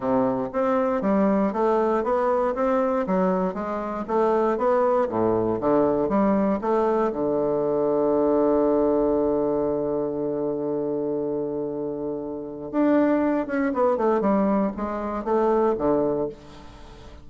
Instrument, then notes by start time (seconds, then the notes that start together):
bassoon
0.00 C3
0.52 C4
1.01 G3
1.53 A3
2.03 B3
2.54 C4
3.06 F#3
3.54 G#3
4.07 A3
4.57 B3
5.08 A2
5.60 D3
6.08 G3
6.61 A3
7.12 D3
12.71 D4
13.46 C#4
13.73 B3
13.97 A3
14.20 G3
14.76 G#3
15.24 A3
15.77 D3